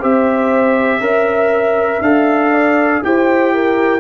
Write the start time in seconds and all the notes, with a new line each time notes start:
0.00 C4 G4 C5 E5
1.00 C#4 A#4 E5
2.02 D4 A4 F5
2.52 D5
3.03 E4 G4 C5 G5
3.54 A#4